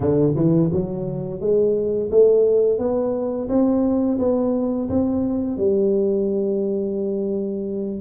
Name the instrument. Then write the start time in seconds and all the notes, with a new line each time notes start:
tuba
0.00 D3
0.35 E3
0.72 F#3
1.40 G#3
2.11 A3
2.78 B3
3.49 C4
4.19 B3
4.89 C4
5.57 G3